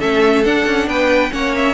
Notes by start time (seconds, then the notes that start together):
0.00 A3 C#4 A4 E5
0.45 D4 F#5
0.66 C#4
0.87 B3 B4 G5
1.30 A#3 C#4 C#5 F#5
1.55 E5